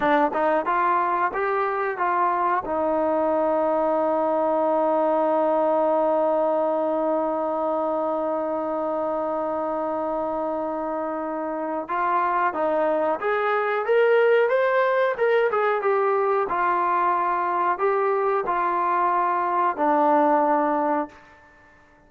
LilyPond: \new Staff \with { instrumentName = "trombone" } { \time 4/4 \tempo 4 = 91 d'8 dis'8 f'4 g'4 f'4 | dis'1~ | dis'1~ | dis'1~ |
dis'2 f'4 dis'4 | gis'4 ais'4 c''4 ais'8 gis'8 | g'4 f'2 g'4 | f'2 d'2 | }